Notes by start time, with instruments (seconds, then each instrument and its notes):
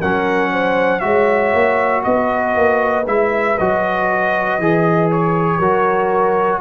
0.00 tuba F#3, trombone C#4, horn A#4, trumpet F#5
0.51 horn C5
1.00 tuba G#3, trombone F#4, horn C#5, trumpet E5
1.54 tuba A#3
2.04 tuba B3, horn B4, trumpet D#5
2.56 tuba A#3
3.07 tuba G#3, trombone E4, trumpet E5
3.58 tuba F#3, trombone F#4, trumpet D#5
4.58 tuba E3, trombone G#4
5.11 trumpet C#5
5.58 tuba F#3, trombone F#4, horn A#4